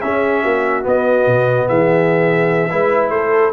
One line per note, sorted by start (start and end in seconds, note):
0.00 0.83 C#4
0.00 0.44 C#4
0.00 0.43 G#4
0.00 0.84 E5
0.43 0.85 A#3
0.43 1.67 F#4
0.83 2.69 B3
0.83 1.27 B3
0.83 1.68 D#5
1.27 1.68 B2
1.68 2.72 E3
1.68 2.71 G#4
1.68 3.10 E5
2.70 3.10 G#3
2.70 3.53 E4
2.70 3.12 B4
3.10 3.51 A3
3.10 3.53 A4
3.10 3.51 C5